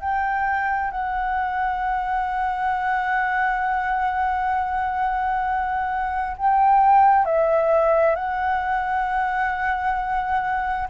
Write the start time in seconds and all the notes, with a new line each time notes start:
0.00 G5
0.91 F#5
6.37 G5
7.26 E5
8.15 F#5